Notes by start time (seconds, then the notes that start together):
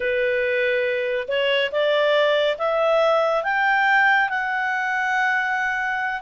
0.00 B4
1.28 C#5
1.71 D5
2.58 E5
3.43 G5
4.29 F#5